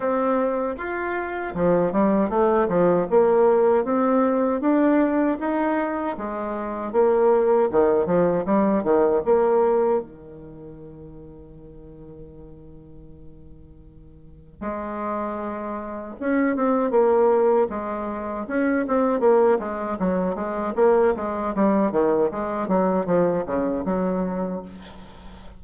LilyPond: \new Staff \with { instrumentName = "bassoon" } { \time 4/4 \tempo 4 = 78 c'4 f'4 f8 g8 a8 f8 | ais4 c'4 d'4 dis'4 | gis4 ais4 dis8 f8 g8 dis8 | ais4 dis2.~ |
dis2. gis4~ | gis4 cis'8 c'8 ais4 gis4 | cis'8 c'8 ais8 gis8 fis8 gis8 ais8 gis8 | g8 dis8 gis8 fis8 f8 cis8 fis4 | }